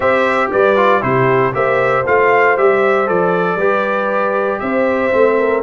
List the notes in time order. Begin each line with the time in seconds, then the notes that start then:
0.00 C4 G4 C5 E5
0.51 G3 B4 D5
0.76 F4
1.01 C3 E4 G4 C5
1.52 A#3 G4 C5 E5
2.06 A3 F4 F5
2.57 G3 G4 E5
3.06 F3 A4 D5
3.55 G3 G4 B4
4.59 C4 C5 E5
5.12 A3 C4
5.38 A#4